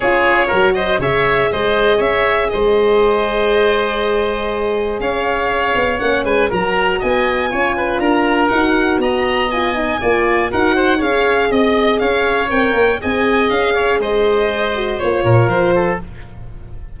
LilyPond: <<
  \new Staff \with { instrumentName = "violin" } { \time 4/4 \tempo 4 = 120 cis''4. dis''8 e''4 dis''4 | e''4 dis''2.~ | dis''2 f''2 | fis''8 gis''8 ais''4 gis''2 |
ais''4 fis''4 ais''4 gis''4~ | gis''4 fis''4 f''4 dis''4 | f''4 g''4 gis''4 f''4 | dis''2 cis''4 c''4 | }
  \new Staff \with { instrumentName = "oboe" } { \time 4/4 gis'4 ais'8 c''8 cis''4 c''4 | cis''4 c''2.~ | c''2 cis''2~ | cis''8 b'8 ais'4 dis''4 cis''8 b'8 |
ais'2 dis''2 | d''4 ais'8 c''8 cis''4 dis''4 | cis''2 dis''4. cis''8 | c''2~ c''8 ais'4 a'8 | }
  \new Staff \with { instrumentName = "horn" } { \time 4/4 f'4 fis'4 gis'2~ | gis'1~ | gis'1 | cis'4 fis'2 f'4~ |
f'4 fis'2 f'8 dis'8 | f'4 fis'4 gis'2~ | gis'4 ais'4 gis'2~ | gis'4. fis'8 f'2 | }
  \new Staff \with { instrumentName = "tuba" } { \time 4/4 cis'4 fis4 cis4 gis4 | cis'4 gis2.~ | gis2 cis'4. b8 | ais8 gis8 fis4 b4 cis'4 |
d'4 dis'4 b2 | ais4 dis'4 cis'4 c'4 | cis'4 c'8 ais8 c'4 cis'4 | gis2 ais8 ais,8 f4 | }
>>